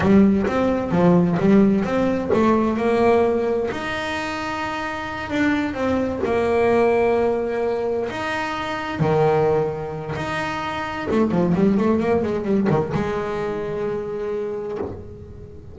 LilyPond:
\new Staff \with { instrumentName = "double bass" } { \time 4/4 \tempo 4 = 130 g4 c'4 f4 g4 | c'4 a4 ais2 | dis'2.~ dis'8 d'8~ | d'8 c'4 ais2~ ais8~ |
ais4. dis'2 dis8~ | dis2 dis'2 | a8 f8 g8 a8 ais8 gis8 g8 dis8 | gis1 | }